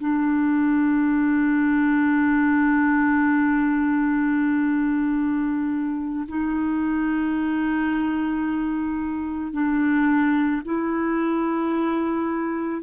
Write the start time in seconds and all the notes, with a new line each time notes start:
0.00 D4
6.29 D#4
9.53 D4
10.65 E4